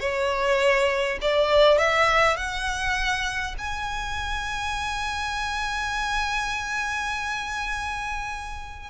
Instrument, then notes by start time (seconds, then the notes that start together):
violin
0.00 C#5
1.22 D5
1.79 E5
2.37 F#5
3.59 G#5